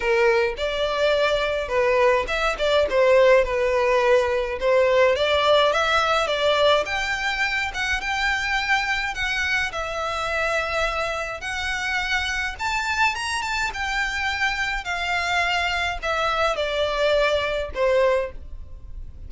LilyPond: \new Staff \with { instrumentName = "violin" } { \time 4/4 \tempo 4 = 105 ais'4 d''2 b'4 | e''8 d''8 c''4 b'2 | c''4 d''4 e''4 d''4 | g''4. fis''8 g''2 |
fis''4 e''2. | fis''2 a''4 ais''8 a''8 | g''2 f''2 | e''4 d''2 c''4 | }